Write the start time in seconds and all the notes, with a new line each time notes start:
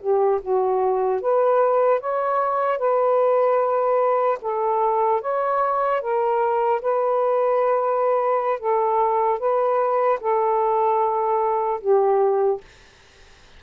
0.00 G4
0.41 F#4
1.21 B4
2.00 C#5
2.78 B4
4.41 A4
5.21 C#5
6.01 A#4
6.81 B4
8.59 A4
9.39 B4
10.20 A4
11.80 G4